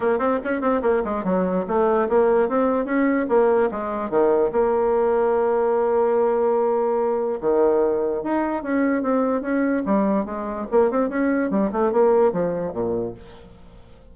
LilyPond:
\new Staff \with { instrumentName = "bassoon" } { \time 4/4 \tempo 4 = 146 ais8 c'8 cis'8 c'8 ais8 gis8 fis4 | a4 ais4 c'4 cis'4 | ais4 gis4 dis4 ais4~ | ais1~ |
ais2 dis2 | dis'4 cis'4 c'4 cis'4 | g4 gis4 ais8 c'8 cis'4 | g8 a8 ais4 f4 ais,4 | }